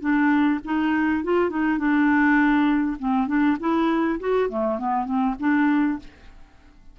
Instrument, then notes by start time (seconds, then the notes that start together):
clarinet
0.00 D4
0.64 D#4
1.24 F4
1.49 D#4
1.78 D4
2.99 C4
3.27 D4
3.60 E4
4.19 F#4
4.49 A3
4.78 B3
5.05 C4
5.40 D4